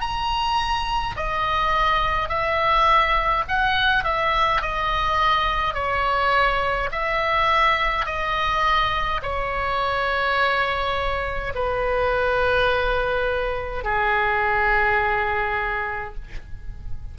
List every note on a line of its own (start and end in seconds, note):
0.00 1.15 A#5
1.16 2.28 D#5
2.28 3.44 E5
3.48 4.03 F#5
4.03 4.61 E5
4.61 5.74 D#5
5.74 6.89 C#5
6.91 8.05 E5
8.05 9.20 D#5
9.22 11.53 C#5
11.54 13.84 B4
13.84 16.14 G#4